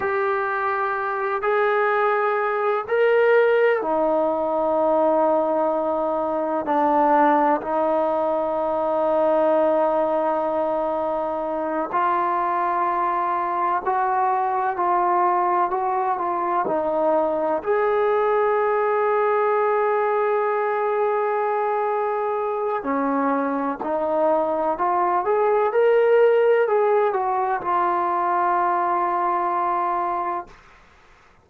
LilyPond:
\new Staff \with { instrumentName = "trombone" } { \time 4/4 \tempo 4 = 63 g'4. gis'4. ais'4 | dis'2. d'4 | dis'1~ | dis'8 f'2 fis'4 f'8~ |
f'8 fis'8 f'8 dis'4 gis'4.~ | gis'1 | cis'4 dis'4 f'8 gis'8 ais'4 | gis'8 fis'8 f'2. | }